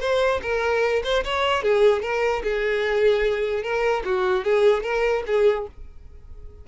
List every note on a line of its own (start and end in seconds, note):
0.00 0.40 C5
0.42 1.03 A#4
1.04 1.24 C5
1.24 1.63 C#5
1.63 2.02 G#4
2.02 2.42 A#4
2.43 3.63 G#4
3.63 4.03 A#4
4.05 4.44 F#4
4.44 4.83 G#4
4.83 5.23 A#4
5.26 5.67 G#4